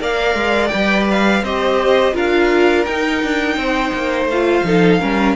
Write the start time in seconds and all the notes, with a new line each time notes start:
0.00 A#3 A#4 D5 F5
0.34 G#3
0.68 B4 G5
0.74 G3
1.11 F5
1.42 C4 G4 C5 D#5
2.13 D4 F4 A#4 F5
2.85 D#4 G5
3.23 D4
3.56 C4 C5
3.93 A#3
4.25 A3 F5
4.32 F4
4.64 F3 D#4 A4
5.00 G3 C#4 A#4